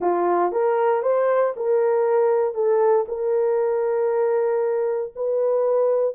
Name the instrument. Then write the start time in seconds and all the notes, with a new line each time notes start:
horn
0.00 F4
0.52 A#4
1.02 C5
1.56 A#4
2.54 A4
3.07 A#4
5.15 B4